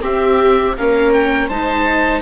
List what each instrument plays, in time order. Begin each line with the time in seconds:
0.00 viola C4 G4, bassoon C4, oboe E5
0.77 bassoon A#3, viola C#4 A#4, oboe F5
1.13 oboe G5
1.48 bassoon G#3, viola D#4 C5, oboe A5